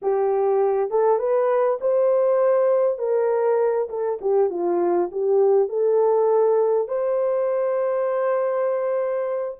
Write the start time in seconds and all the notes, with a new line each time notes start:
0.02 G4
0.90 A4
1.18 B4
1.80 C5
2.98 A#4
3.89 A4
4.21 G4
4.49 F4
5.11 G4
5.68 A4
6.88 C5